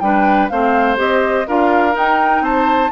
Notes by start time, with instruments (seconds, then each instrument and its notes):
0.00 bassoon G3, clarinet D4, oboe B4, flute G5
0.49 bassoon A3, clarinet C4, oboe C5, flute F5
0.97 bassoon C4, clarinet G4, flute D#5
1.47 bassoon D4, clarinet F4, oboe A#4, flute F5
1.92 clarinet D#4, bassoon D#4, flute G5
2.41 bassoon C4, oboe C5, flute A5